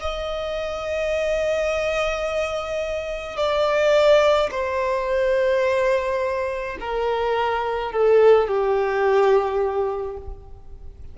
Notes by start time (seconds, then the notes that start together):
0.00 D#5
3.37 D5
4.51 C5
6.80 A#4
7.91 A4
8.48 G4